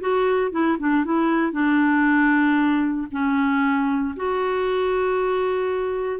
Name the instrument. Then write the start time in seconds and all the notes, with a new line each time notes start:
clarinet
0.00 F#4
0.51 E4
0.79 D4
1.04 E4
1.52 D4
3.11 C#4
4.16 F#4